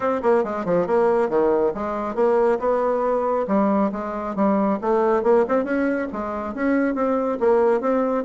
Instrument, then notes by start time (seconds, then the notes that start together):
bassoon
0.00 C4
0.22 A#3
0.43 G#3
0.65 F3
0.87 A#3
1.29 D#3
1.74 G#3
2.15 A#3
2.59 B3
3.47 G3
3.92 G#3
4.35 G3
4.81 A3
5.23 A#3
5.48 C4
5.64 C#4
6.12 G#3
6.54 C#4
6.94 C4
7.40 A#3
7.80 C4